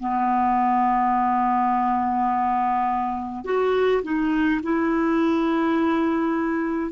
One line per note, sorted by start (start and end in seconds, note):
0.00 3.45 B3
3.45 4.02 F#4
4.03 4.61 D#4
4.64 6.92 E4